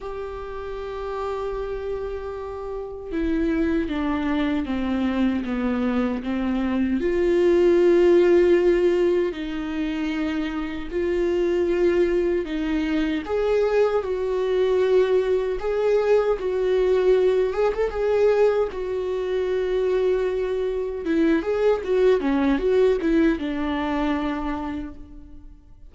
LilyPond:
\new Staff \with { instrumentName = "viola" } { \time 4/4 \tempo 4 = 77 g'1 | e'4 d'4 c'4 b4 | c'4 f'2. | dis'2 f'2 |
dis'4 gis'4 fis'2 | gis'4 fis'4. gis'16 a'16 gis'4 | fis'2. e'8 gis'8 | fis'8 cis'8 fis'8 e'8 d'2 | }